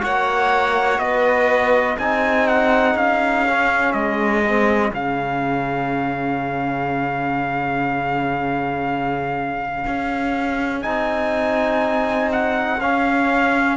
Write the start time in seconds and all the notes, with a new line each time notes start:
0.00 A#3 F#4 C#5 F#5
0.98 B3 B4 D#5
1.98 C4 D#4 G#4 G#5
2.48 F#5
2.95 C#4 F5
3.47 C#4
3.93 G#3 D#5
4.45 C4
4.92 C#3 C#4 F5
9.87 C#4
10.82 C4 D#4 G#5
12.32 F#5
12.81 C#4 F5